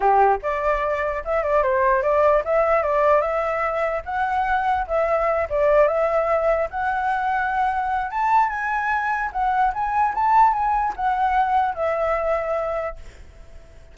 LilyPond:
\new Staff \with { instrumentName = "flute" } { \time 4/4 \tempo 4 = 148 g'4 d''2 e''8 d''8 | c''4 d''4 e''4 d''4 | e''2 fis''2 | e''4. d''4 e''4.~ |
e''8 fis''2.~ fis''8 | a''4 gis''2 fis''4 | gis''4 a''4 gis''4 fis''4~ | fis''4 e''2. | }